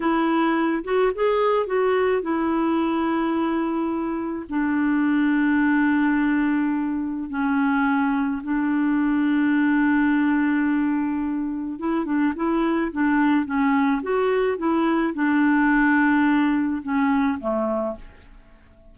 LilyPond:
\new Staff \with { instrumentName = "clarinet" } { \time 4/4 \tempo 4 = 107 e'4. fis'8 gis'4 fis'4 | e'1 | d'1~ | d'4 cis'2 d'4~ |
d'1~ | d'4 e'8 d'8 e'4 d'4 | cis'4 fis'4 e'4 d'4~ | d'2 cis'4 a4 | }